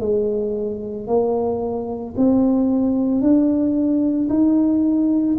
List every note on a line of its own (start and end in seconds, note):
0.00 1.07 G#3
1.07 2.14 A#3
2.16 3.21 C4
3.21 4.28 D4
4.29 5.36 D#4